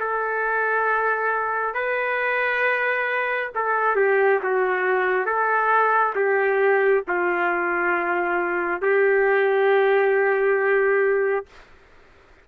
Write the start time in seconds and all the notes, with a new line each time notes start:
0.00 A4
1.74 B4
3.55 A4
3.96 G4
4.43 F#4
5.26 A4
6.16 G4
7.08 F4
8.82 G4